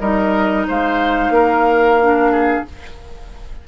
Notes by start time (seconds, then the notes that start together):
0.00 G3 D#4 A#4 D#5
0.68 G#3 C5 F5
1.30 A#3 A#4
2.00 D4
2.32 G#4